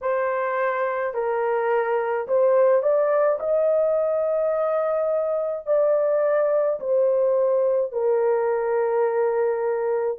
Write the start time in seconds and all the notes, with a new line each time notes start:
0.01 C5
1.13 A#4
2.27 C5
2.82 D5
3.40 D#5
5.66 D5
6.79 C5
7.92 A#4